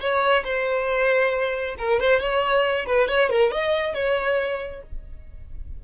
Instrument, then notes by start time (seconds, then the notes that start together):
violin
0.00 C#5
0.44 C5
1.78 A#4
2.00 C5
2.20 C#5
2.86 B4
3.08 C#5
3.30 A#4
3.51 D#5
3.94 C#5